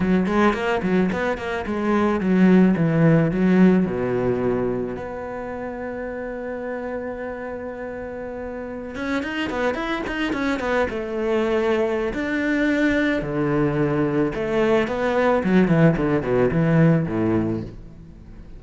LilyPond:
\new Staff \with { instrumentName = "cello" } { \time 4/4 \tempo 4 = 109 fis8 gis8 ais8 fis8 b8 ais8 gis4 | fis4 e4 fis4 b,4~ | b,4 b2.~ | b1~ |
b16 cis'8 dis'8 b8 e'8 dis'8 cis'8 b8 a16~ | a2 d'2 | d2 a4 b4 | fis8 e8 d8 b,8 e4 a,4 | }